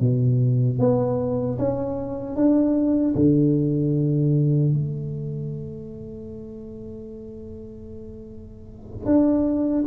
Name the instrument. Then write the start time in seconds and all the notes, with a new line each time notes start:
tuba
0.00 B2
0.79 B3
1.58 C#4
2.36 D4
3.15 D3
4.73 A3
9.06 D4